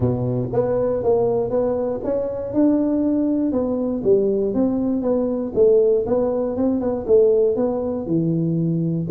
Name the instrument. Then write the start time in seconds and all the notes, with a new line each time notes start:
tuba
0.00 B2
0.52 B3
1.03 A#3
1.49 B3
2.04 C#4
2.53 D4
3.52 B3
4.03 G3
4.54 C4
5.02 B3
5.54 A3
6.06 B3
6.56 C4
6.80 B3
7.06 A3
7.56 B3
8.06 E3